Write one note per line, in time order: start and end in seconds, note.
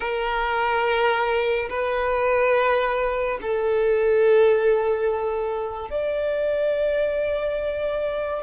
0.00 1.68 A#4
1.69 3.38 B4
3.41 5.90 A4
5.90 8.42 D5